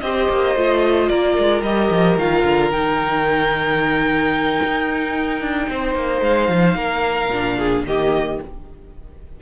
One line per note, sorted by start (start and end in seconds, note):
0.00 0.28 C4
0.00 0.55 G4
0.00 1.09 C5
0.00 1.08 D#5
0.29 0.55 A#3
0.55 1.09 A3
0.55 1.64 F4
1.08 1.37 A#3
1.08 5.69 A#4
1.08 1.62 D5
1.37 1.62 G#3
1.62 1.89 G3
1.62 2.19 G4
1.62 2.16 D#5
1.90 2.16 F3
2.16 2.43 D#3
2.16 2.72 F4
2.16 2.71 F5
2.43 2.70 D3
2.70 4.59 D#3
2.70 7.31 D#4
2.70 6.22 G5
4.63 5.41 D#4
5.41 5.68 D4
5.69 5.94 C4
5.69 6.76 C5
5.94 6.21 A#3
6.21 6.48 G#3
6.21 7.84 F5
6.48 6.74 F3
6.74 7.28 A#3
6.74 7.57 A#4
7.28 7.83 A#2
7.28 7.86 D4
7.58 7.85 G#4
7.84 8.38 D#3
7.84 8.40 A#3
7.84 8.41 G4
7.84 8.40 D#5